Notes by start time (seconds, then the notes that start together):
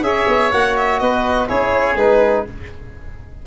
0.00 C#4 G#4 C#5 E5
0.27 B3
0.51 A#3 F#4 F#5
0.76 E5
0.99 B3 B4 D#5
1.47 C#4 E4 G#4 C#5
1.95 G#3 D#4 B4